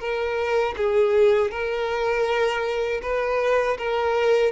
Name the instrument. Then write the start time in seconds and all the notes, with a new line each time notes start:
violin
0.00 A#4
0.77 G#4
1.51 A#4
3.02 B4
3.78 A#4